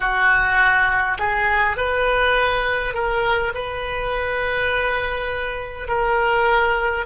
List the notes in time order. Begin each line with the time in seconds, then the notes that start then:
0.00 F#4
1.18 G#4
1.76 B4
2.94 A#4
3.54 B4
5.88 A#4